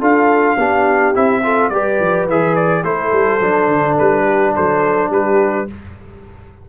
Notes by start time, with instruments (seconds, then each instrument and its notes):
0.00 tuba D4, trombone F4, horn A4, trumpet F5
0.57 tuba B3, trombone D4, horn G4
1.14 tuba C4, trombone E4, trumpet E5
1.43 trombone F4, horn A4
1.69 tuba G3, trombone G4, horn B4, trumpet D5
2.00 tuba F3
2.27 tuba E3, trombone G#4, trumpet E5
2.55 trumpet D5
2.84 tuba A3, trombone E4, horn A4, trumpet C5
3.12 tuba G3
3.40 tuba F#3, trombone D4
3.68 tuba D3
3.98 tuba G3, trumpet B4
4.24 horn G4
4.55 tuba F#3, horn A4, trumpet C5
5.10 tuba G3, horn G4, trumpet B4